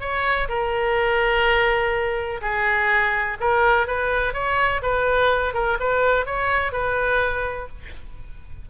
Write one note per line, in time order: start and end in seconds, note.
0.00 0.48 C#5
0.48 2.40 A#4
2.41 3.37 G#4
3.40 3.86 A#4
3.86 4.33 B4
4.33 4.81 C#5
4.82 5.54 B4
5.54 5.78 A#4
5.79 6.26 B4
6.26 6.72 C#5
6.72 7.68 B4